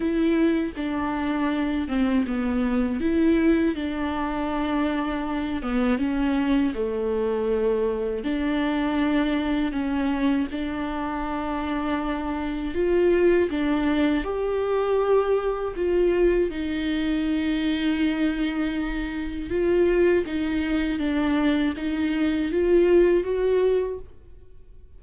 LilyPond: \new Staff \with { instrumentName = "viola" } { \time 4/4 \tempo 4 = 80 e'4 d'4. c'8 b4 | e'4 d'2~ d'8 b8 | cis'4 a2 d'4~ | d'4 cis'4 d'2~ |
d'4 f'4 d'4 g'4~ | g'4 f'4 dis'2~ | dis'2 f'4 dis'4 | d'4 dis'4 f'4 fis'4 | }